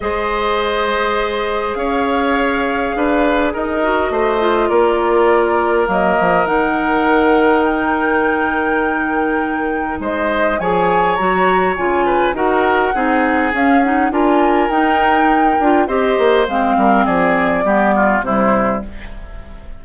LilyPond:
<<
  \new Staff \with { instrumentName = "flute" } { \time 4/4 \tempo 4 = 102 dis''2. f''4~ | f''2 dis''2 | d''2 dis''4 fis''4~ | fis''4 g''2.~ |
g''4 dis''4 gis''4 ais''4 | gis''4 fis''2 f''8 fis''8 | gis''4 g''2 dis''4 | f''4 d''2 c''4 | }
  \new Staff \with { instrumentName = "oboe" } { \time 4/4 c''2. cis''4~ | cis''4 b'4 ais'4 c''4 | ais'1~ | ais'1~ |
ais'4 c''4 cis''2~ | cis''8 b'8 ais'4 gis'2 | ais'2. c''4~ | c''8 ais'8 gis'4 g'8 f'8 e'4 | }
  \new Staff \with { instrumentName = "clarinet" } { \time 4/4 gis'1~ | gis'2~ gis'8 fis'4 f'8~ | f'2 ais4 dis'4~ | dis'1~ |
dis'2 gis'4 fis'4 | f'4 fis'4 dis'4 cis'8 dis'8 | f'4 dis'4. f'8 g'4 | c'2 b4 g4 | }
  \new Staff \with { instrumentName = "bassoon" } { \time 4/4 gis2. cis'4~ | cis'4 d'4 dis'4 a4 | ais2 fis8 f8 dis4~ | dis1~ |
dis4 gis4 f4 fis4 | cis4 dis'4 c'4 cis'4 | d'4 dis'4. d'8 c'8 ais8 | gis8 g8 f4 g4 c4 | }
>>